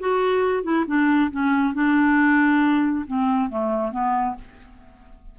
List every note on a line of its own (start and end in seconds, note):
0.00 0.64 F#4
0.64 0.85 E4
0.87 1.31 D4
1.32 1.74 C#4
1.74 3.06 D4
3.07 3.50 C4
3.50 3.92 A3
3.92 4.36 B3